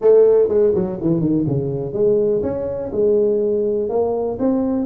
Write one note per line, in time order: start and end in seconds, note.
0.01 0.48 A3
0.48 0.73 G#3
0.75 0.99 F#3
1.01 1.20 E3
1.20 1.44 D#3
1.47 1.93 C#3
1.93 2.41 G#3
2.42 2.91 C#4
2.91 3.89 G#3
3.89 4.37 A#3
4.39 4.85 C4